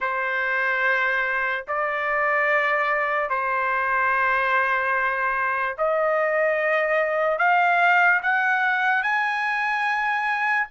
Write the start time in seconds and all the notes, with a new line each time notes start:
0.00 C5
1.67 D5
3.29 C5
5.78 D#5
7.38 F5
8.22 F#5
9.03 G#5